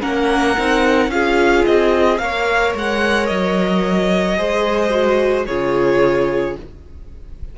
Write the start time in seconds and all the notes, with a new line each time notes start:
0.00 A#3 C#4 A#4 F#5
0.57 C4 D#4
1.07 C#4 F4 G#4 F5
1.65 C4 D#5
2.17 A#3 A#4 C#5 F5
2.75 G#3 F#5
3.26 F#3 D#5
4.36 G#3 G#4 C5
4.90 F#4
5.46 C#3 F4 G#4 C#5